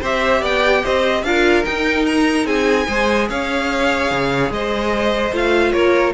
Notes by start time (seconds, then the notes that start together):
0.00 C4 G4 C5 E5
0.40 B3 D5 G5
0.83 C4 C5 D#5
1.22 D4 F4 A#4 F5
1.64 D#4 G5
2.06 A#5
2.44 C4 G#4 G#5
2.86 G#3 G#4 C5
3.29 C#4 C#5 F5
4.10 C#3
4.49 G#3 C5 D#5
5.32 A3 F4 F5
5.72 A#3 A#4 C#5